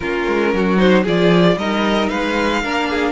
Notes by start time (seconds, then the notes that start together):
0.00 A#3 C#4 F4 A#4
0.27 G#3
0.53 F#3 F#4
0.77 D#4 C5
1.02 F3 F4 G#4 D5
1.56 G3 D#4 A#4 D#5
2.08 G#3 B4 F5
2.62 A#3 D4 A#4
2.89 G#4